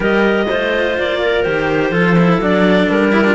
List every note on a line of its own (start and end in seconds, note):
0.00 0.48 G3
0.00 0.46 G4
0.00 0.47 A#4
0.00 0.98 D#5
0.48 0.97 A3
0.48 1.45 F4
0.48 1.20 C5
0.98 1.46 A#3
0.98 1.43 D5
1.21 1.90 A#4
1.43 1.90 D#3
1.43 1.92 G4
1.43 2.39 C5
1.90 2.38 F3
1.90 2.16 F4
1.90 3.10 A4
2.18 2.41 E4
2.39 2.87 F#3
2.39 3.12 D4
2.39 2.90 D5
2.89 3.35 G3
2.89 3.35 A#4
3.11 3.24 E4
3.11 3.23 G4
3.24 3.35 D4
3.24 3.35 F4